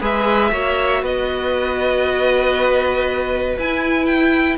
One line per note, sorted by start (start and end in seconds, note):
0.00 0.52 G#3
0.00 0.51 G#4
0.00 0.51 B4
0.00 1.04 E5
0.52 1.02 A#3
0.52 3.57 F#4
0.52 1.02 C#5
1.02 3.56 B3
1.02 4.57 B4
1.02 3.58 D#5
3.57 4.57 E4
3.57 4.05 G#5
4.05 4.56 G5